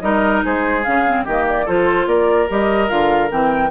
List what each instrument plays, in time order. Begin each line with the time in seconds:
0.00 bassoon G3, clarinet D#4, oboe A#4, flute D#5
0.45 bassoon G#3, oboe G#4, flute C5
0.84 bassoon C#3, clarinet C#4, flute F5
1.06 clarinet C4
1.24 bassoon D#3, clarinet A#3, oboe G4, flute D#5
1.49 flute D5
1.65 bassoon F3, clarinet F4, oboe A4, flute C5
2.06 bassoon A#3, oboe A#4, flute D5
2.48 bassoon G3, clarinet G4, flute D#5
2.88 bassoon D3, clarinet F4, flute F5
3.29 bassoon E3, clarinet C4, flute G5